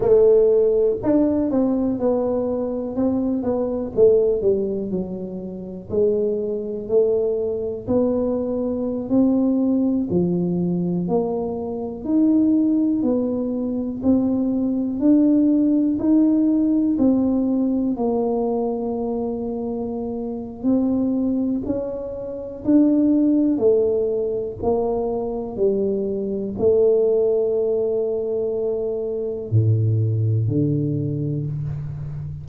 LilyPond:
\new Staff \with { instrumentName = "tuba" } { \time 4/4 \tempo 4 = 61 a4 d'8 c'8 b4 c'8 b8 | a8 g8 fis4 gis4 a4 | b4~ b16 c'4 f4 ais8.~ | ais16 dis'4 b4 c'4 d'8.~ |
d'16 dis'4 c'4 ais4.~ ais16~ | ais4 c'4 cis'4 d'4 | a4 ais4 g4 a4~ | a2 a,4 d4 | }